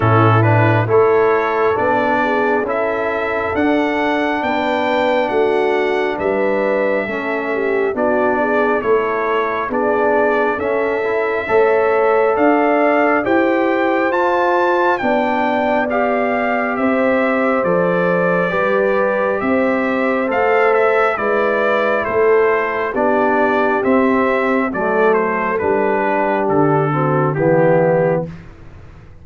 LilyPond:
<<
  \new Staff \with { instrumentName = "trumpet" } { \time 4/4 \tempo 4 = 68 a'8 b'8 cis''4 d''4 e''4 | fis''4 g''4 fis''4 e''4~ | e''4 d''4 cis''4 d''4 | e''2 f''4 g''4 |
a''4 g''4 f''4 e''4 | d''2 e''4 f''8 e''8 | d''4 c''4 d''4 e''4 | d''8 c''8 b'4 a'4 g'4 | }
  \new Staff \with { instrumentName = "horn" } { \time 4/4 e'4 a'4. gis'8 a'4~ | a'4 b'4 fis'4 b'4 | a'8 g'8 fis'8 gis'8 a'4 gis'4 | a'4 cis''4 d''4 c''4~ |
c''4 d''2 c''4~ | c''4 b'4 c''2 | b'4 a'4 g'2 | a'4. g'4 fis'8 e'4 | }
  \new Staff \with { instrumentName = "trombone" } { \time 4/4 cis'8 d'8 e'4 d'4 e'4 | d'1 | cis'4 d'4 e'4 d'4 | cis'8 e'8 a'2 g'4 |
f'4 d'4 g'2 | a'4 g'2 a'4 | e'2 d'4 c'4 | a4 d'4. c'8 b4 | }
  \new Staff \with { instrumentName = "tuba" } { \time 4/4 a,4 a4 b4 cis'4 | d'4 b4 a4 g4 | a4 b4 a4 b4 | cis'4 a4 d'4 e'4 |
f'4 b2 c'4 | f4 g4 c'4 a4 | gis4 a4 b4 c'4 | fis4 g4 d4 e4 | }
>>